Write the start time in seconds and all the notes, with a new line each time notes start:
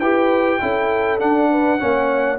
0.00 E4 G4 B4 G5
0.60 C#4 E4 A4
1.19 D4 F#5
1.50 B4
1.78 A#3 C#4 C#5